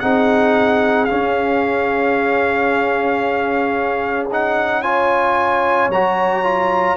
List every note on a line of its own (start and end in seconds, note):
0.00 1.10 C4
0.00 1.08 D#4
0.00 4.83 G#4
0.00 1.05 F#5
1.05 4.30 C#4
1.05 4.26 F5
1.12 5.89 C#4
4.32 4.83 D#4
4.32 4.83 F#5
4.83 5.90 F4
4.83 6.97 C#5
4.83 5.90 G#5
5.89 6.96 F#3
5.89 6.44 F#4
5.89 6.97 A#5
6.44 6.97 F4